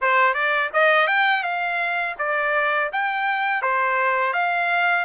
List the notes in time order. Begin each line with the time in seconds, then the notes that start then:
0.01 C5
0.34 D5
0.73 D#5
1.07 G5
1.43 F5
2.18 D5
2.92 G5
3.61 C5
4.33 F5